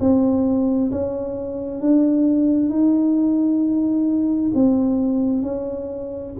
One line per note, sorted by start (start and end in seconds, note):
0.00 0.91 C4
0.91 1.81 C#4
1.81 2.69 D4
2.69 4.51 D#4
4.54 5.42 C4
5.42 6.33 C#4